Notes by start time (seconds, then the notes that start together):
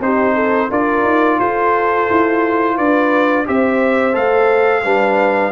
0.00 C4 D#4 G4 C5
0.35 A4
0.70 D4 F4 A#4 D5
1.04 D#4
1.40 F4 A4 C5
2.10 E4
2.77 D4 B4 D5
3.46 C4 G4 C5 E5
4.14 A3 A4 F5
4.84 G3 D4 B4